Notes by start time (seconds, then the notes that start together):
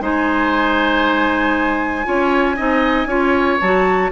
0.00 G#3 D#4 C5 G#5
2.04 C#4 F4 C#5
2.57 C4 D#4 D#5
3.06 C#4 F4 C#5
3.60 F#3 F#4 A5